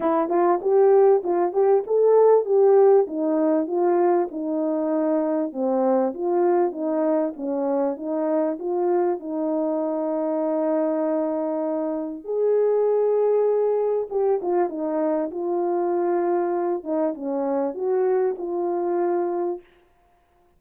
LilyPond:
\new Staff \with { instrumentName = "horn" } { \time 4/4 \tempo 4 = 98 e'8 f'8 g'4 f'8 g'8 a'4 | g'4 dis'4 f'4 dis'4~ | dis'4 c'4 f'4 dis'4 | cis'4 dis'4 f'4 dis'4~ |
dis'1 | gis'2. g'8 f'8 | dis'4 f'2~ f'8 dis'8 | cis'4 fis'4 f'2 | }